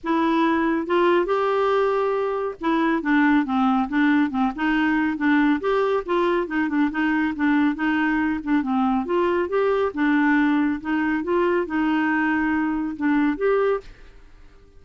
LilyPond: \new Staff \with { instrumentName = "clarinet" } { \time 4/4 \tempo 4 = 139 e'2 f'4 g'4~ | g'2 e'4 d'4 | c'4 d'4 c'8 dis'4. | d'4 g'4 f'4 dis'8 d'8 |
dis'4 d'4 dis'4. d'8 | c'4 f'4 g'4 d'4~ | d'4 dis'4 f'4 dis'4~ | dis'2 d'4 g'4 | }